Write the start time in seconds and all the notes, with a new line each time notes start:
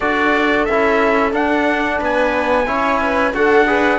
0.00 D4 F#4 A4 D5
0.65 C#4 E4 E5
1.32 D4 F#5
1.99 B3 B4 G#5
2.66 C#4 E4 C#5
3.01 B4
3.33 D4 F#4 A4 F#5
3.66 G#4 B4